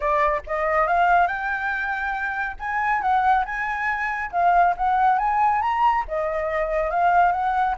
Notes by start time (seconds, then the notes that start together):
0.00 D5
0.46 D#5
0.87 F5
1.27 G5
2.59 G#5
3.01 F#5
3.45 G#5
4.31 F5
4.76 F#5
5.18 G#5
5.61 A#5
6.08 D#5
6.90 F5
7.31 F#5